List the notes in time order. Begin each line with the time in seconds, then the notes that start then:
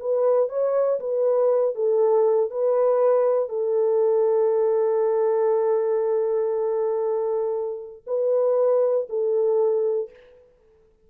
0.00 B4
0.49 C#5
1.00 B4
1.75 A4
2.51 B4
3.49 A4
8.07 B4
9.10 A4